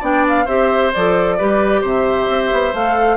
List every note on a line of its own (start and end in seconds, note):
0.00 0.47 B3
0.00 0.46 D4
0.00 0.45 D5
0.00 0.26 G5
0.28 0.47 F5
0.45 0.93 C4
0.45 0.92 G4
0.45 1.35 C5
0.45 0.92 E5
0.93 1.40 F3
0.93 1.39 A4
0.93 1.83 D5
1.38 1.82 G3
1.38 2.74 G4
1.38 1.81 B4
1.81 2.27 C3
1.81 3.17 C5
1.81 2.75 E5
2.28 2.51 C4
2.52 2.73 B3
2.73 3.17 A3
2.73 3.17 A4
2.73 3.17 F5